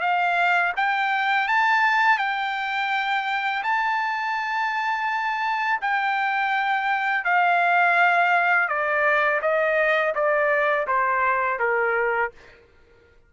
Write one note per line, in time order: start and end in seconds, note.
0.00 0.72 F5
0.76 1.48 G5
1.48 2.18 A5
2.18 3.62 G5
3.63 5.80 A5
5.81 7.24 G5
7.24 8.68 F5
8.68 9.40 D5
9.41 10.13 D#5
10.14 10.87 D5
10.87 11.59 C5
11.59 12.31 A#4